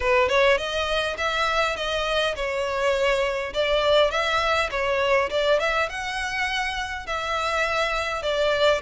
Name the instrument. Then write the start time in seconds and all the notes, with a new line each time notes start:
violin
0.00 B4
0.29 C#5
0.57 D#5
1.17 E5
1.76 D#5
2.35 C#5
3.53 D5
4.10 E5
4.71 C#5
5.30 D5
5.59 E5
5.89 F#5
7.06 E5
8.22 D5